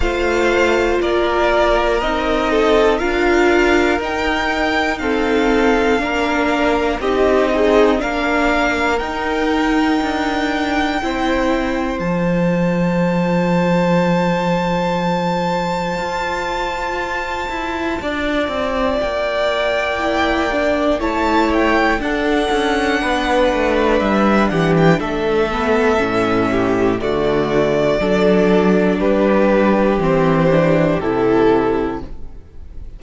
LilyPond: <<
  \new Staff \with { instrumentName = "violin" } { \time 4/4 \tempo 4 = 60 f''4 d''4 dis''4 f''4 | g''4 f''2 dis''4 | f''4 g''2. | a''1~ |
a''2. g''4~ | g''4 a''8 g''8 fis''2 | e''8 fis''16 g''16 e''2 d''4~ | d''4 b'4 c''4 a'4 | }
  \new Staff \with { instrumentName = "violin" } { \time 4/4 c''4 ais'4. a'8 ais'4~ | ais'4 a'4 ais'4 g'8 dis'8 | ais'2. c''4~ | c''1~ |
c''2 d''2~ | d''4 cis''4 a'4 b'4~ | b'8 g'8 a'4. g'8 fis'4 | a'4 g'2. | }
  \new Staff \with { instrumentName = "viola" } { \time 4/4 f'2 dis'4 f'4 | dis'4 c'4 d'4 dis'8 gis'8 | d'4 dis'2 e'4 | f'1~ |
f'1 | e'8 d'8 e'4 d'2~ | d'4. b8 cis'4 a4 | d'2 c'8 d'8 e'4 | }
  \new Staff \with { instrumentName = "cello" } { \time 4/4 a4 ais4 c'4 d'4 | dis'2 ais4 c'4 | ais4 dis'4 d'4 c'4 | f1 |
f'4. e'8 d'8 c'8 ais4~ | ais4 a4 d'8 cis'8 b8 a8 | g8 e8 a4 a,4 d4 | fis4 g4 e4 c4 | }
>>